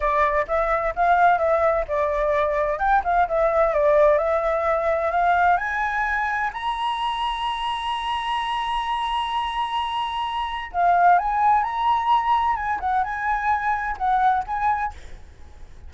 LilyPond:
\new Staff \with { instrumentName = "flute" } { \time 4/4 \tempo 4 = 129 d''4 e''4 f''4 e''4 | d''2 g''8 f''8 e''4 | d''4 e''2 f''4 | gis''2 ais''2~ |
ais''1~ | ais''2. f''4 | gis''4 ais''2 gis''8 fis''8 | gis''2 fis''4 gis''4 | }